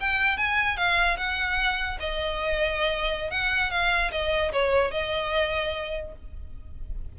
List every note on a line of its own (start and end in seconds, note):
0.00 0.37 G5
0.37 0.77 G#5
0.77 1.17 F5
1.17 1.98 F#5
2.00 3.30 D#5
3.30 3.70 F#5
3.70 4.11 F5
4.11 4.52 D#5
4.52 4.91 C#5
4.91 6.13 D#5